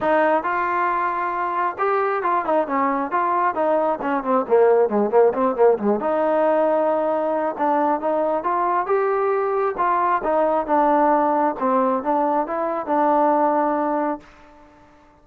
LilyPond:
\new Staff \with { instrumentName = "trombone" } { \time 4/4 \tempo 4 = 135 dis'4 f'2. | g'4 f'8 dis'8 cis'4 f'4 | dis'4 cis'8 c'8 ais4 gis8 ais8 | c'8 ais8 gis8 dis'2~ dis'8~ |
dis'4 d'4 dis'4 f'4 | g'2 f'4 dis'4 | d'2 c'4 d'4 | e'4 d'2. | }